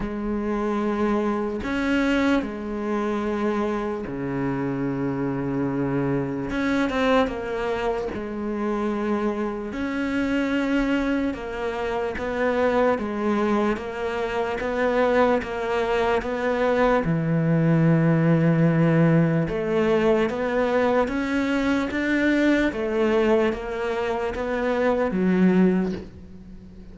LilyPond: \new Staff \with { instrumentName = "cello" } { \time 4/4 \tempo 4 = 74 gis2 cis'4 gis4~ | gis4 cis2. | cis'8 c'8 ais4 gis2 | cis'2 ais4 b4 |
gis4 ais4 b4 ais4 | b4 e2. | a4 b4 cis'4 d'4 | a4 ais4 b4 fis4 | }